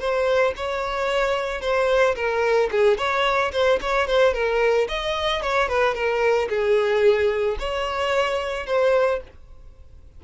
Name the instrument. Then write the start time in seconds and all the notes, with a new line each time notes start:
violin
0.00 C5
0.57 C#5
1.62 C5
2.16 A#4
2.72 G#4
2.98 C#5
3.53 C5
3.82 C#5
4.08 C5
4.34 A#4
4.89 D#5
5.43 C#5
5.69 B4
5.95 A#4
6.50 G#4
7.60 C#5
8.67 C5